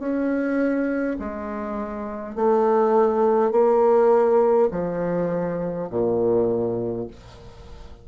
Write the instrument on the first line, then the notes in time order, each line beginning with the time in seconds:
bassoon
0.00 C#4
1.19 G#3
2.36 A3
3.51 A#3
4.71 F3
5.90 A#2